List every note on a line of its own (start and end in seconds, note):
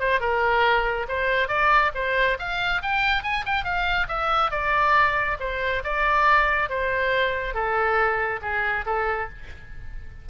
0.00 0.21 C5
0.21 1.07 A#4
1.09 1.49 C5
1.49 1.92 D5
1.95 2.38 C5
2.39 2.82 F5
2.83 3.24 G5
3.24 3.45 G#5
3.46 3.65 G5
3.65 4.08 F5
4.08 4.51 E5
4.51 5.38 D5
5.40 5.83 C5
5.84 6.70 D5
6.70 7.54 C5
7.54 8.41 A4
8.42 8.85 G#4
8.86 9.29 A4